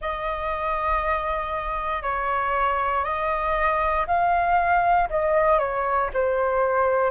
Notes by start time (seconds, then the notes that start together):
0.00 D#5
2.02 C#5
3.04 D#5
4.07 F5
5.09 D#5
5.58 C#5
6.13 C5